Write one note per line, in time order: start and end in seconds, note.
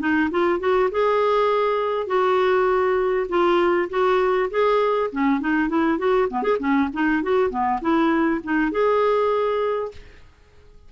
0.00 0.30 D#4
0.31 0.60 F4
0.60 0.90 F#4
0.91 2.07 G#4
2.07 3.27 F#4
3.29 3.89 F4
3.89 4.49 F#4
4.51 5.11 G#4
5.12 5.41 C#4
5.41 5.69 D#4
5.69 5.98 E4
5.98 6.28 F#4
6.29 6.43 B3
6.43 6.58 G#4
6.59 6.89 C#4
6.93 7.23 D#4
7.23 7.50 F#4
7.50 7.80 B3
7.81 8.41 E4
8.44 8.72 D#4
8.72 9.92 G#4